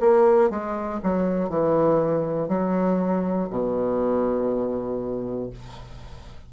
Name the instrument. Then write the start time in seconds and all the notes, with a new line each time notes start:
bassoon
0.00 A#3
0.50 G#3
1.03 F#3
1.49 E3
2.48 F#3
3.50 B2